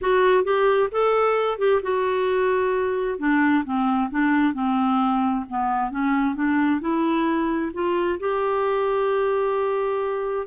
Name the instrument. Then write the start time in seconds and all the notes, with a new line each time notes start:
clarinet
0.01 F#4
0.43 G4
0.91 A4
1.58 G4
1.82 F#4
3.18 D4
3.64 C4
4.10 D4
4.53 C4
5.49 B3
5.90 C#4
6.35 D4
6.80 E4
7.73 F4
8.19 G4